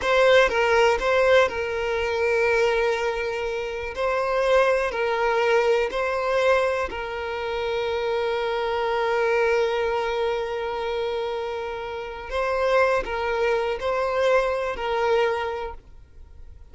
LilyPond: \new Staff \with { instrumentName = "violin" } { \time 4/4 \tempo 4 = 122 c''4 ais'4 c''4 ais'4~ | ais'1 | c''2 ais'2 | c''2 ais'2~ |
ais'1~ | ais'1~ | ais'4 c''4. ais'4. | c''2 ais'2 | }